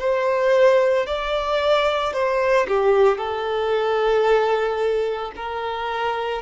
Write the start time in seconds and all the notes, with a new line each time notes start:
0.00 C5
1.07 D5
2.14 C5
2.68 G4
3.18 A4
5.37 A#4